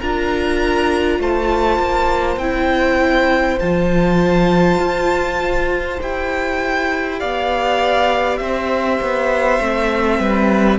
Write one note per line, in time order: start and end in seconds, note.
0.00 1.20 D4
0.00 2.41 F4
0.00 1.20 A#4
0.00 1.22 A#5
1.20 1.79 A3
1.20 7.20 C5
1.20 2.39 A5
1.79 2.37 A#3
2.37 3.57 C4
2.37 3.60 E4
2.37 3.59 G5
3.60 4.79 F3
3.60 6.00 F4
3.60 6.00 A5
4.79 5.99 F4
6.00 7.22 E4
6.00 9.61 G4
6.00 7.20 G5
7.20 8.40 B3
7.20 8.39 D5
7.20 8.38 F5
8.38 9.00 C4
8.38 10.20 C5
8.38 10.78 E5
9.01 9.60 B3
9.60 10.20 A3
9.60 10.79 C4
10.20 10.79 G3
10.20 10.79 B4